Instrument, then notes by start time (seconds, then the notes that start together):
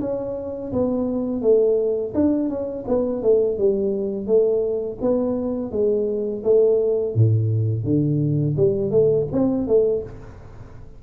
tuba
0.00 C#4
0.72 B3
1.41 A3
2.14 D4
2.49 C#4
2.87 B3
3.22 A3
3.57 G3
4.26 A3
5.01 B3
5.71 G#3
6.43 A3
7.14 A2
7.83 D3
8.56 G3
8.91 A3
9.31 C4
9.67 A3